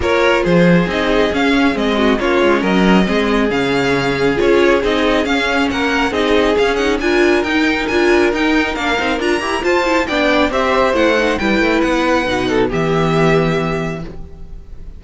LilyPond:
<<
  \new Staff \with { instrumentName = "violin" } { \time 4/4 \tempo 4 = 137 cis''4 c''4 dis''4 f''4 | dis''4 cis''4 dis''2 | f''2 cis''4 dis''4 | f''4 fis''4 dis''4 f''8 fis''8 |
gis''4 g''4 gis''4 g''4 | f''4 ais''4 a''4 g''4 | e''4 fis''4 g''4 fis''4~ | fis''4 e''2. | }
  \new Staff \with { instrumentName = "violin" } { \time 4/4 ais'4 gis'2.~ | gis'8 fis'8 f'4 ais'4 gis'4~ | gis'1~ | gis'4 ais'4 gis'2 |
ais'1~ | ais'2 c''4 d''4 | c''2 b'2~ | b'8 a'8 g'2. | }
  \new Staff \with { instrumentName = "viola" } { \time 4/4 f'2 dis'4 cis'4 | c'4 cis'2 c'4 | cis'2 f'4 dis'4 | cis'2 dis'4 cis'8 dis'8 |
f'4 dis'4 f'4 dis'4 | d'8 dis'8 f'8 g'8 f'8 e'8 d'4 | g'4 e'8 dis'8 e'2 | dis'4 b2. | }
  \new Staff \with { instrumentName = "cello" } { \time 4/4 ais4 f4 c'4 cis'4 | gis4 ais8 gis8 fis4 gis4 | cis2 cis'4 c'4 | cis'4 ais4 c'4 cis'4 |
d'4 dis'4 d'4 dis'4 | ais8 c'8 d'8 e'8 f'4 b4 | c'4 a4 g8 a8 b4 | b,4 e2. | }
>>